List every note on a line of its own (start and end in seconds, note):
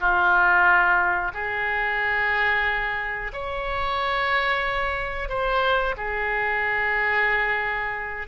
0.00 1.32 F4
1.34 3.32 G#4
3.33 5.29 C#5
5.29 5.95 C5
5.97 8.27 G#4